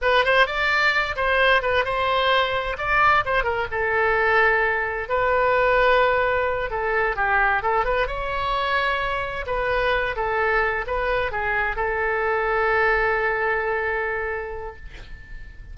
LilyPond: \new Staff \with { instrumentName = "oboe" } { \time 4/4 \tempo 4 = 130 b'8 c''8 d''4. c''4 b'8 | c''2 d''4 c''8 ais'8 | a'2. b'4~ | b'2~ b'8 a'4 g'8~ |
g'8 a'8 b'8 cis''2~ cis''8~ | cis''8 b'4. a'4. b'8~ | b'8 gis'4 a'2~ a'8~ | a'1 | }